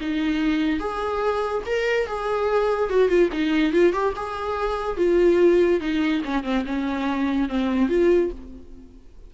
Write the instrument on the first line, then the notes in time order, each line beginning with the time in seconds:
viola
0.00 D#4
0.79 G#4
1.66 A#4
2.06 G#4
2.89 F#4
3.08 F4
3.32 D#4
3.72 F4
3.92 G4
4.16 G#4
4.97 F4
5.80 D#4
6.24 C#4
6.44 C4
6.66 C#4
7.49 C4
7.89 F4